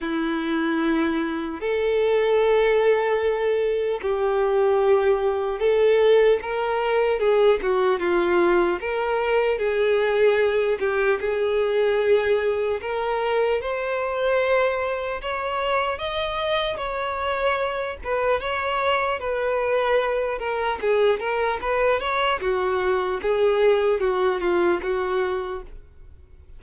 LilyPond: \new Staff \with { instrumentName = "violin" } { \time 4/4 \tempo 4 = 75 e'2 a'2~ | a'4 g'2 a'4 | ais'4 gis'8 fis'8 f'4 ais'4 | gis'4. g'8 gis'2 |
ais'4 c''2 cis''4 | dis''4 cis''4. b'8 cis''4 | b'4. ais'8 gis'8 ais'8 b'8 cis''8 | fis'4 gis'4 fis'8 f'8 fis'4 | }